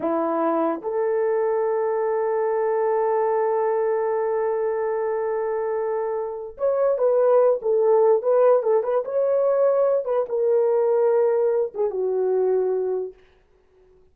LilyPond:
\new Staff \with { instrumentName = "horn" } { \time 4/4 \tempo 4 = 146 e'2 a'2~ | a'1~ | a'1~ | a'1 |
cis''4 b'4. a'4. | b'4 a'8 b'8 cis''2~ | cis''8 b'8 ais'2.~ | ais'8 gis'8 fis'2. | }